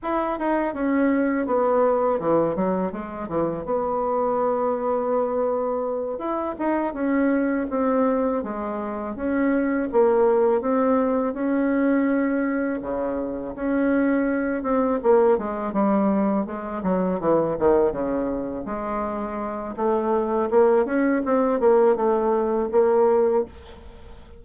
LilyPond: \new Staff \with { instrumentName = "bassoon" } { \time 4/4 \tempo 4 = 82 e'8 dis'8 cis'4 b4 e8 fis8 | gis8 e8 b2.~ | b8 e'8 dis'8 cis'4 c'4 gis8~ | gis8 cis'4 ais4 c'4 cis'8~ |
cis'4. cis4 cis'4. | c'8 ais8 gis8 g4 gis8 fis8 e8 | dis8 cis4 gis4. a4 | ais8 cis'8 c'8 ais8 a4 ais4 | }